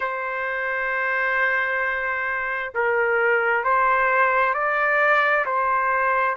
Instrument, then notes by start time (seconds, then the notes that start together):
trumpet
0.00 C5
2.74 A#4
3.64 C5
4.54 D5
5.45 C5